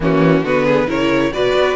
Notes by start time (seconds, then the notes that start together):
0.00 E3 A#3 C#4 F#4
0.43 D3 B3 F#4 B4
0.65 G#4
0.87 C#3 E4 A#4 C#5
1.33 B2 F#4 B4 D5
1.54 B3